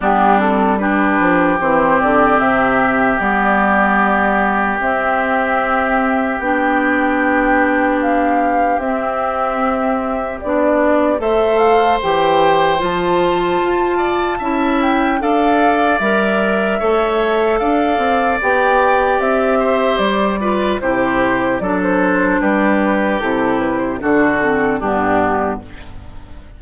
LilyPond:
<<
  \new Staff \with { instrumentName = "flute" } { \time 4/4 \tempo 4 = 75 g'8 a'8 b'4 c''8 d''8 e''4 | d''2 e''2 | g''2 f''4 e''4~ | e''4 d''4 e''8 f''8 g''4 |
a''2~ a''8 g''8 f''4 | e''2 f''4 g''4 | e''4 d''4 c''4 d''16 c''8. | b'4 a'8 b'16 c''16 a'4 g'4 | }
  \new Staff \with { instrumentName = "oboe" } { \time 4/4 d'4 g'2.~ | g'1~ | g'1~ | g'2 c''2~ |
c''4. d''8 e''4 d''4~ | d''4 cis''4 d''2~ | d''8 c''4 b'8 g'4 a'4 | g'2 fis'4 d'4 | }
  \new Staff \with { instrumentName = "clarinet" } { \time 4/4 b8 c'8 d'4 c'2 | b2 c'2 | d'2. c'4~ | c'4 d'4 a'4 g'4 |
f'2 e'4 a'4 | ais'4 a'2 g'4~ | g'4. f'8 e'4 d'4~ | d'4 e'4 d'8 c'8 b4 | }
  \new Staff \with { instrumentName = "bassoon" } { \time 4/4 g4. f8 e8 d8 c4 | g2 c'2 | b2. c'4~ | c'4 b4 a4 e4 |
f4 f'4 cis'4 d'4 | g4 a4 d'8 c'8 b4 | c'4 g4 c4 fis4 | g4 c4 d4 g,4 | }
>>